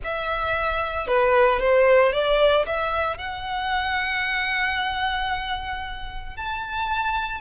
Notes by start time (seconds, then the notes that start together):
0.04 E5
1.07 B4
1.59 C5
2.12 D5
2.66 E5
3.17 F#5
6.36 A5